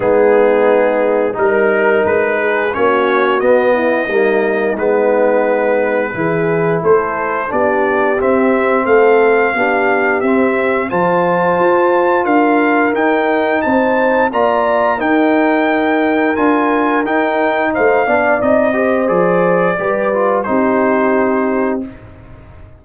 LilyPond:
<<
  \new Staff \with { instrumentName = "trumpet" } { \time 4/4 \tempo 4 = 88 gis'2 ais'4 b'4 | cis''4 dis''2 b'4~ | b'2 c''4 d''4 | e''4 f''2 e''4 |
a''2 f''4 g''4 | a''4 ais''4 g''2 | gis''4 g''4 f''4 dis''4 | d''2 c''2 | }
  \new Staff \with { instrumentName = "horn" } { \time 4/4 dis'2 ais'4. gis'8 | fis'4. e'8 dis'2~ | dis'4 gis'4 a'4 g'4~ | g'4 a'4 g'2 |
c''2 ais'2 | c''4 d''4 ais'2~ | ais'2 c''8 d''4 c''8~ | c''4 b'4 g'2 | }
  \new Staff \with { instrumentName = "trombone" } { \time 4/4 b2 dis'2 | cis'4 b4 ais4 b4~ | b4 e'2 d'4 | c'2 d'4 c'4 |
f'2. dis'4~ | dis'4 f'4 dis'2 | f'4 dis'4. d'8 dis'8 g'8 | gis'4 g'8 f'8 dis'2 | }
  \new Staff \with { instrumentName = "tuba" } { \time 4/4 gis2 g4 gis4 | ais4 b4 g4 gis4~ | gis4 e4 a4 b4 | c'4 a4 b4 c'4 |
f4 f'4 d'4 dis'4 | c'4 ais4 dis'2 | d'4 dis'4 a8 b8 c'4 | f4 g4 c'2 | }
>>